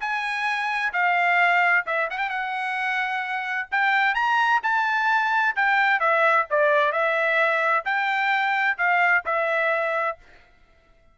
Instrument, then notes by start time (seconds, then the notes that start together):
trumpet
0.00 G#5
0.93 F5
1.86 E5
2.10 F#5
2.18 G5
2.29 F#5
3.71 G5
4.14 A#5
4.63 A5
5.56 G5
5.99 E5
6.50 D5
6.92 E5
7.85 G5
8.78 F5
9.25 E5